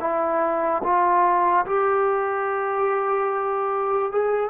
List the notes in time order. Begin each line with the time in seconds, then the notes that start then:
0.00 E4
0.83 F4
1.66 G4
4.12 G#4